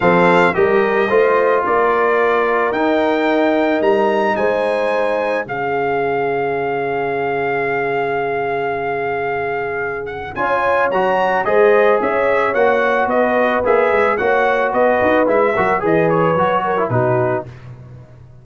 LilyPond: <<
  \new Staff \with { instrumentName = "trumpet" } { \time 4/4 \tempo 4 = 110 f''4 dis''2 d''4~ | d''4 g''2 ais''4 | gis''2 f''2~ | f''1~ |
f''2~ f''8 fis''8 gis''4 | ais''4 dis''4 e''4 fis''4 | dis''4 e''4 fis''4 dis''4 | e''4 dis''8 cis''4. b'4 | }
  \new Staff \with { instrumentName = "horn" } { \time 4/4 a'4 ais'4 c''4 ais'4~ | ais'1 | c''2 gis'2~ | gis'1~ |
gis'2. cis''4~ | cis''4 c''4 cis''2 | b'2 cis''4 b'4~ | b'8 ais'8 b'4. ais'8 fis'4 | }
  \new Staff \with { instrumentName = "trombone" } { \time 4/4 c'4 g'4 f'2~ | f'4 dis'2.~ | dis'2 cis'2~ | cis'1~ |
cis'2. f'4 | fis'4 gis'2 fis'4~ | fis'4 gis'4 fis'2 | e'8 fis'8 gis'4 fis'8. e'16 dis'4 | }
  \new Staff \with { instrumentName = "tuba" } { \time 4/4 f4 g4 a4 ais4~ | ais4 dis'2 g4 | gis2 cis2~ | cis1~ |
cis2. cis'4 | fis4 gis4 cis'4 ais4 | b4 ais8 gis8 ais4 b8 dis'8 | gis8 fis8 e4 fis4 b,4 | }
>>